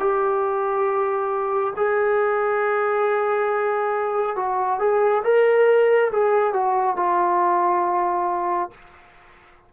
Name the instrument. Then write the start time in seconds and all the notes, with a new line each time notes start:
trombone
0.00 G4
1.77 G#4
4.37 F#4
4.80 G#4
5.25 A#4
6.12 G#4
6.54 F#4
6.97 F4